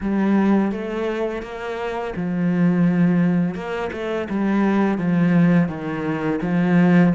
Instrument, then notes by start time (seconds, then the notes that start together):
cello
0.00 G3
0.71 A3
1.42 A#3
2.16 F3
3.55 A#3
3.92 A3
4.29 G3
4.97 F3
5.68 D#3
6.41 F3